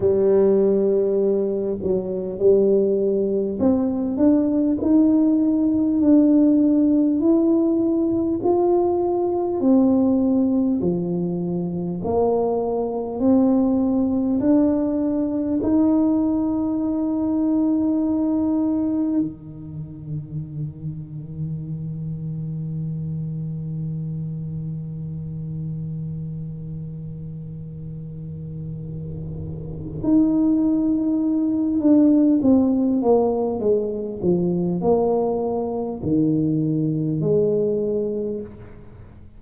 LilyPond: \new Staff \with { instrumentName = "tuba" } { \time 4/4 \tempo 4 = 50 g4. fis8 g4 c'8 d'8 | dis'4 d'4 e'4 f'4 | c'4 f4 ais4 c'4 | d'4 dis'2. |
dis1~ | dis1~ | dis4 dis'4. d'8 c'8 ais8 | gis8 f8 ais4 dis4 gis4 | }